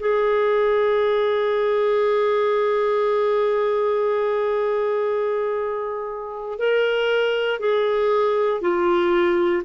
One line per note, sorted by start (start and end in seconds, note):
0.00 6.59 G#4
6.59 7.60 A#4
7.60 8.61 G#4
8.61 9.63 F4